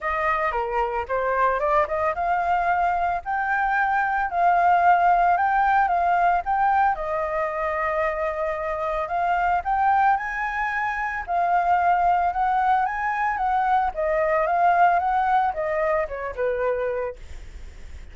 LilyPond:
\new Staff \with { instrumentName = "flute" } { \time 4/4 \tempo 4 = 112 dis''4 ais'4 c''4 d''8 dis''8 | f''2 g''2 | f''2 g''4 f''4 | g''4 dis''2.~ |
dis''4 f''4 g''4 gis''4~ | gis''4 f''2 fis''4 | gis''4 fis''4 dis''4 f''4 | fis''4 dis''4 cis''8 b'4. | }